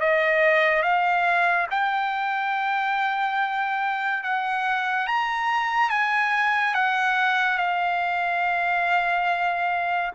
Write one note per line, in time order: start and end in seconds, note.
0.00 0.83 D#5
0.83 1.67 F5
1.71 4.23 G5
4.23 5.07 F#5
5.07 5.90 A#5
5.90 6.74 G#5
6.75 7.58 F#5
7.58 10.11 F5